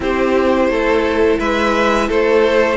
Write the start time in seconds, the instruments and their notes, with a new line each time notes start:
0.00 cello C4, viola E4, violin G4 C5
0.68 cello A3, violin A4
1.39 cello G#3, violin B4 E5
2.08 cello A3, violin A4 C5